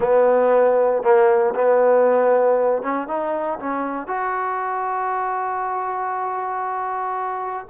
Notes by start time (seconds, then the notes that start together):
0.00 B3
1.03 A#3
1.54 B3
2.82 C#4
3.07 D#4
3.59 C#4
4.07 F#4